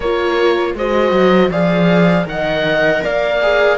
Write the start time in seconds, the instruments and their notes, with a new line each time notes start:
0.00 cello A#3, viola F4, horn A#4, oboe C#5
0.74 cello G#3, viola F#4, horn C5, oboe D#5
1.11 cello F#3
1.50 cello F3, viola G#4, horn D5, oboe F5
2.25 cello D#3, viola A#4, horn D#5, oboe F#5
3.04 cello A#3, horn D5, oboe F5
3.41 viola G#4